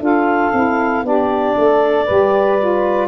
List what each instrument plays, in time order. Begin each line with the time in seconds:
0.00 tuba D4, saxophone F4 A4, clarinet F5
0.53 tuba C4, saxophone E4
1.03 tuba B3, saxophone D4 G4, clarinet D5
1.58 tuba A3, saxophone A4
2.04 tuba G3, saxophone G4 B4
2.59 saxophone F4